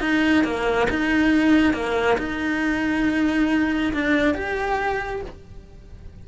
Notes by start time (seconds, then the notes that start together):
0.00 D#4
0.44 A#3
0.89 D#4
1.73 A#3
2.18 D#4
3.93 D4
4.34 G4